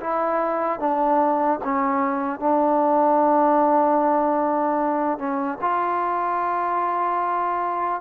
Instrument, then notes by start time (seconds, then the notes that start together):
trombone
0.00 E4
0.79 D4
1.64 C#4
2.39 D4
5.18 C#4
5.61 F4